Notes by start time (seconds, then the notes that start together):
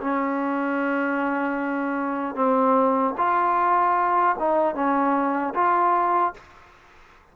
0.00 C#4
2.35 C4
3.17 F4
4.39 D#4
4.74 C#4
5.54 F4